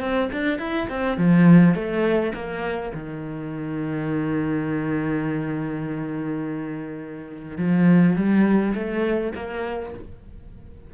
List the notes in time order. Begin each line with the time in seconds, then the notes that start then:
0.00 C4
0.32 D4
0.59 E4
0.89 C4
1.18 F3
1.74 A3
2.34 A#3
2.94 D#3
7.58 F3
8.16 G3
8.75 A3
9.35 A#3